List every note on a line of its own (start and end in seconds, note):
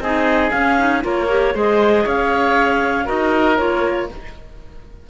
0.00 0.51 C4
0.00 0.51 D#4
0.00 1.04 G#4
0.00 0.51 D#5
0.51 0.77 C#4
0.51 1.04 C#4
0.51 1.02 F5
0.78 1.02 D#4
1.02 1.55 A#3
1.02 1.28 F4
1.02 1.55 A#4
1.02 1.57 C#5
1.29 1.54 G4
1.54 2.06 G#3
1.54 3.05 G#4
1.54 2.05 C5
1.54 2.08 D#5
2.05 3.08 C#4
2.05 3.06 C#5
2.05 3.08 F5
3.05 3.59 D#4
3.05 3.55 F#4
3.05 4.07 A#4
3.05 3.57 D#5
3.57 4.10 A#3
3.57 4.09 F4
3.57 4.08 C#5